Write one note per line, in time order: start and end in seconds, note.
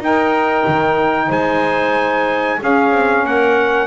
0.00 0.65 D#4
0.00 2.59 D#4
0.00 1.29 A#4
0.00 1.32 G5
0.68 1.30 D#3
1.29 2.59 G#3
1.29 2.58 C5
1.29 2.61 G#5
2.59 3.87 C#4
2.59 2.92 C#4
2.59 3.26 G#4
2.59 3.27 F5
2.92 3.24 C4
3.24 3.87 A#3
3.24 3.87 A#4
3.24 3.87 F#5